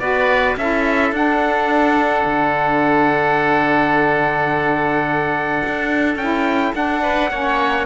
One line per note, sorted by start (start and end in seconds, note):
0.00 0.56 B3
0.00 0.57 F#4
0.00 0.58 B4
0.00 0.56 D5
0.57 1.12 C#4
0.57 1.13 E4
0.57 7.02 A4
0.57 1.14 E5
1.12 2.24 D4
1.12 6.18 D4
1.12 6.17 F#5
2.26 5.62 D3
5.67 6.16 D4
6.16 6.72 C#4
6.16 6.75 E4
6.16 6.73 G5
6.75 7.31 D4
6.75 7.86 F#5
7.02 7.30 B4
7.31 7.86 A#3
7.31 7.86 C#4
7.31 7.86 C#5